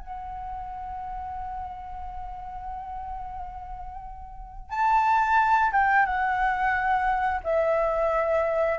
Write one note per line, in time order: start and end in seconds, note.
0.00 4.70 F#5
4.70 5.72 A5
5.72 6.06 G5
6.06 7.41 F#5
7.44 8.79 E5